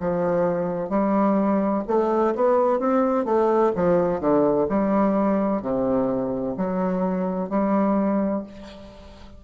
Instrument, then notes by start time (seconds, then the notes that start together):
bassoon
0.00 F3
0.89 G3
1.87 A3
2.35 B3
2.80 C4
3.25 A3
3.75 F3
4.20 D3
4.69 G3
5.62 C3
6.57 F#3
7.50 G3